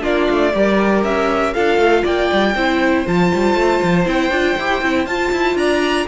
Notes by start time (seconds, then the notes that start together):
0.00 A#3 D4 F4 D5
0.29 A3
0.54 G3 G4 A#4
1.03 C#4 E5
1.53 D4 F4 A4 F5
1.78 A3
2.03 A#3 D5 G5
2.32 G3
2.55 C4 E4 C5
3.05 F3 F4 A5
3.34 G3
3.54 A3
3.82 F3
4.05 C4 E4 G5
4.30 D4 F4
4.57 E4 G4
4.82 C4 E4
5.06 F4 A5
5.32 E4
5.55 D4 D5 A#5